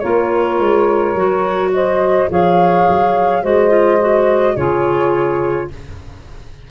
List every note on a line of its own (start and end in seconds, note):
0.00 0.59 A#3
0.00 1.17 F4
0.00 1.72 A#4
0.00 1.70 C#5
0.59 1.15 G#3
1.15 2.28 F#3
1.15 2.30 F#4
1.73 2.30 C5
1.73 2.30 D#5
2.30 2.87 F3
2.30 3.44 G#4
2.30 3.42 C#5
2.30 3.44 F5
2.88 3.44 F#3
3.42 4.57 G#3
3.42 3.70 F#4
3.42 4.55 C5
3.42 4.57 D#5
3.70 3.98 F4
4.01 4.57 F#4
4.55 5.70 C#3
4.55 5.71 F4
4.55 5.68 G#4
4.55 5.70 C#5